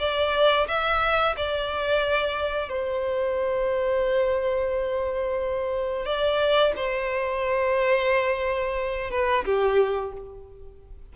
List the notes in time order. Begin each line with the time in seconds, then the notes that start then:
0.00 D5
0.68 E5
1.37 D5
2.70 C5
6.06 D5
6.77 C5
9.11 B4
9.45 G4